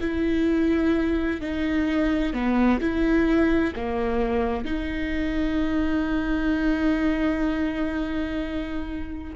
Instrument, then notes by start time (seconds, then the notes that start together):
viola
0.00 E4
1.40 D#4
2.33 B3
2.80 E4
3.75 A#3
4.64 D#4